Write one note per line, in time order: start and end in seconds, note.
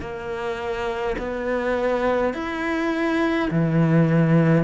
0.00 1.15 A#3
1.18 2.33 B3
2.33 3.49 E4
3.50 4.64 E3